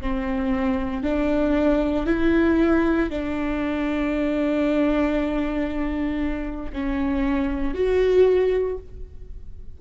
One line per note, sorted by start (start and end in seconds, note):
0.00 1.03 C4
1.03 2.06 D4
2.06 3.09 E4
3.09 6.71 D4
6.72 7.74 C#4
7.74 8.77 F#4